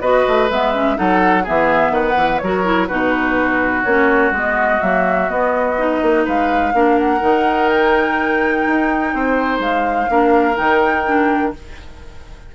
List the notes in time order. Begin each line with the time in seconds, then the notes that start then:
0.00 B3 F#4 B4 D#5
0.28 A3
0.50 G#3 B3 E5
0.73 C#4
0.95 F#3 D#4 A4 F#5
1.43 E3 B3 G#4 E5
1.90 D#3 B4 F#5
2.16 E3
2.38 F#3 F#4 A#4 C#5
2.63 E4
2.87 B2 D#4 F#4 B4
3.84 A#3 C#4 C#5
4.30 G#3 B3 D#5
4.80 F#3 A#3 E5
5.28 B3 D#5
5.77 D#4
6.01 A#3
6.25 G#3 B4 F5
6.73 A#3 D4 A#4
6.99 F#5
7.20 D#3 D#4
7.68 G5
8.66 D#4
9.13 C4 C5
9.59 G#3 F5
10.09 A#3 D4 A#4
10.55 D#3 D#4 G5
11.06 D4